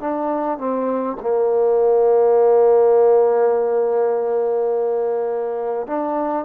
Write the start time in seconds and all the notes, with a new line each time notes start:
0.00 D4
0.59 C4
1.21 A#3
5.87 D4